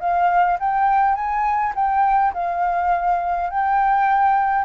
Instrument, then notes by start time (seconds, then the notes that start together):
flute
0.00 F5
0.60 G5
1.15 G#5
1.75 G5
2.33 F5
3.50 G5